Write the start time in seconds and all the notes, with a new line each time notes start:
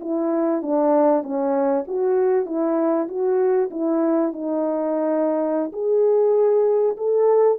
0.00 E4
0.62 D4
1.23 C#4
1.87 F#4
2.46 E4
3.08 F#4
3.70 E4
4.32 D#4
5.72 G#4
6.96 A4